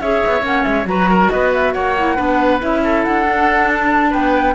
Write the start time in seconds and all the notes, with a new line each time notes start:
0.00 C#4 G#4 C#5 E5
0.26 B3
0.41 A#3 C#4 F#5
0.63 G#3 E5
0.85 F#3 F#4 B4 A#5
1.10 A#4
1.29 B3 B4 D#5
1.54 E5
1.73 A#3 C#5 F#5
1.97 E4
2.15 B3 D4 B4
2.59 C#4 E4 E5
2.84 A4
3.04 D4 F#5
3.28 D4
3.68 A5
4.10 B3 B4 G5